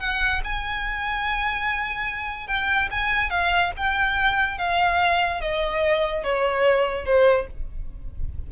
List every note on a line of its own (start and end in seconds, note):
0.00 0.42 F#5
0.44 2.48 G#5
2.48 2.89 G5
2.91 3.30 G#5
3.30 3.72 F5
3.77 4.58 G5
4.58 5.41 F5
5.41 6.24 D#5
6.24 7.05 C#5
7.05 7.47 C5